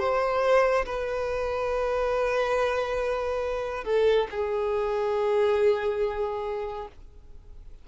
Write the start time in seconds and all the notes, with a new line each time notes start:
0.00 C5
0.86 B4
3.85 A4
4.31 G#4